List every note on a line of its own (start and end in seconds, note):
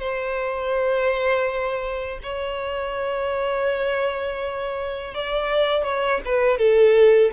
0.00 2.20 C5
2.23 5.15 C#5
5.15 5.84 D5
5.84 6.21 C#5
6.25 6.58 B4
6.58 7.31 A4